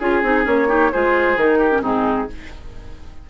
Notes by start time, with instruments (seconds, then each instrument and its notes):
0.00 bassoon C#4, clarinet F4, oboe G#4, flute G#4
0.23 bassoon C4, clarinet D#4
0.44 bassoon A#3, clarinet C#4, flute C#5
0.68 clarinet D#4, oboe G4
0.93 bassoon G#3, clarinet F4, oboe G#4, flute C5
1.37 bassoon D#3, clarinet D#4, flute A#4
1.59 oboe G4
1.72 clarinet C#4
1.82 bassoon G#2, clarinet C4, oboe D#4, flute G#4